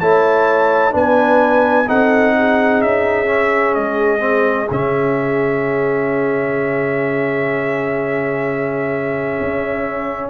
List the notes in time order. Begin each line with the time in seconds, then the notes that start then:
0.00 A3 E4 C#5 A5
0.91 B3 D4 B4 G#5
1.88 C4 D#4 A4 F#5
2.38 G#4
2.82 C#4 E5
3.26 C#4
3.74 G#3 D#5
4.19 C4
4.71 C#3 C#4 E5
9.40 C#4